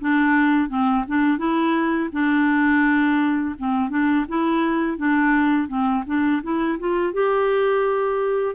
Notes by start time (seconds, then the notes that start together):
0.00 D4
0.69 C4
1.07 D4
1.38 E4
2.12 D4
3.58 C4
3.90 D4
4.28 E4
4.97 D4
5.68 C4
6.06 D4
6.43 E4
6.79 F4
7.13 G4